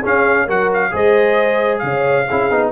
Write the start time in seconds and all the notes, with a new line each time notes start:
0.00 C#4 G#4 F5
0.45 F#3 F#4 A#4 F#5
0.73 F5
0.91 G#3 G#4 C5 D#5
1.78 C#3 C#5 F5
2.27 C#4 E4 G#4
2.50 B3 D#4